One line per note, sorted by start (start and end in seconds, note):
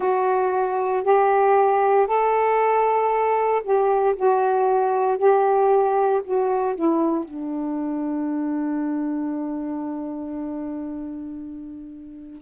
0.00 1.03 F#4
1.03 2.06 G4
2.06 3.62 A4
3.63 4.15 G4
4.16 5.18 F#4
5.18 6.21 G4
6.24 6.75 F#4
6.75 7.25 E4
7.25 12.41 D4